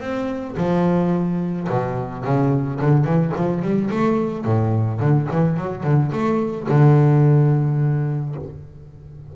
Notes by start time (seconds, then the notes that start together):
0.00 C4
0.57 F3
1.69 B2
2.24 C#3
2.80 D3
3.04 E3
3.36 F3
3.62 G3
3.90 A3
4.45 A2
5.00 D3
5.31 E3
5.57 F#3
5.83 D3
6.12 A3
6.68 D3